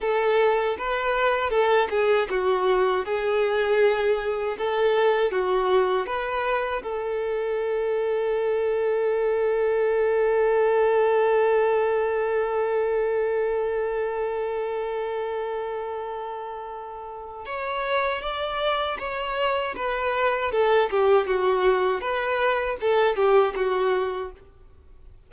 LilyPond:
\new Staff \with { instrumentName = "violin" } { \time 4/4 \tempo 4 = 79 a'4 b'4 a'8 gis'8 fis'4 | gis'2 a'4 fis'4 | b'4 a'2.~ | a'1~ |
a'1~ | a'2. cis''4 | d''4 cis''4 b'4 a'8 g'8 | fis'4 b'4 a'8 g'8 fis'4 | }